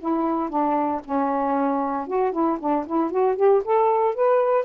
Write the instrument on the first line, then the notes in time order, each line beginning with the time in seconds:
saxophone
0.00 E4
0.50 D4
1.05 C#4
2.08 F#4
2.33 E4
2.60 D4
2.87 E4
3.11 F#4
3.37 G4
3.65 A4
4.15 B4